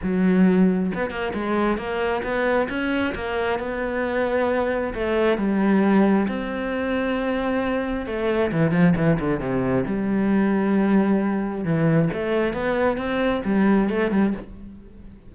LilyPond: \new Staff \with { instrumentName = "cello" } { \time 4/4 \tempo 4 = 134 fis2 b8 ais8 gis4 | ais4 b4 cis'4 ais4 | b2. a4 | g2 c'2~ |
c'2 a4 e8 f8 | e8 d8 c4 g2~ | g2 e4 a4 | b4 c'4 g4 a8 g8 | }